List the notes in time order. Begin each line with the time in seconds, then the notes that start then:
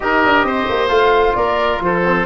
0.00 D#4 G4 A#4 D#5
0.25 D4
0.43 C4 C5
0.69 A#3
0.87 A3 F4 F5
1.34 A#3 A#4 D5
1.80 F3 A4 C5
2.04 C4